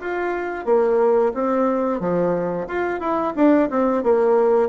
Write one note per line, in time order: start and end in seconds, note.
0.00 0.65 F4
0.65 1.32 A#3
1.34 1.99 C4
1.99 2.67 F3
2.67 3.00 F4
3.00 3.33 E4
3.35 3.69 D4
3.70 4.03 C4
4.03 4.69 A#3